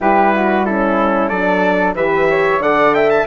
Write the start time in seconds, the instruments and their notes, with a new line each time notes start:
0.00 bassoon G3, horn E4, flute G4, trumpet B4
0.34 flute F#4
0.65 horn C#4, flute E4, trumpet A4
1.29 bassoon F#3, horn D4, flute A4, trumpet D5
1.94 bassoon E3, horn G4, flute B4, trumpet E5
2.30 flute C#5
2.58 bassoon D3, horn A4, flute D5, trumpet F#5
2.94 flute E5, trumpet G5
3.10 trumpet A5